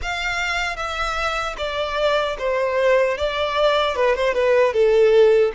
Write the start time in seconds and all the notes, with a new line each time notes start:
0.02 F5
0.76 E5
1.57 D5
2.38 C5
3.17 D5
3.95 B4
4.14 C5
4.33 B4
4.73 A4